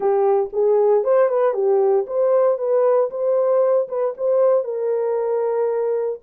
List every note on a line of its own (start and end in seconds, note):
0.00 0.49 G4
0.52 1.04 G#4
1.04 1.29 C5
1.29 1.53 B4
1.53 2.05 G4
2.07 2.58 C5
2.58 3.09 B4
3.10 3.88 C5
3.88 4.14 B4
4.17 4.64 C5
4.64 6.19 A#4